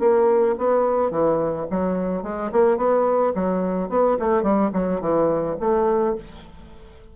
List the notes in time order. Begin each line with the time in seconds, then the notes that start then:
0.00 A#3
0.58 B3
1.11 E3
1.70 F#3
2.23 G#3
2.52 A#3
2.78 B3
3.35 F#3
3.89 B3
4.19 A3
4.43 G3
4.73 F#3
5.01 E3
5.60 A3